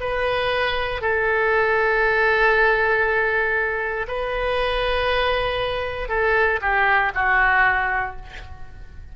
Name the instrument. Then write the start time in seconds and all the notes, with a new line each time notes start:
oboe
0.00 B4
1.01 A4
4.08 B4
6.09 A4
6.61 G4
7.14 F#4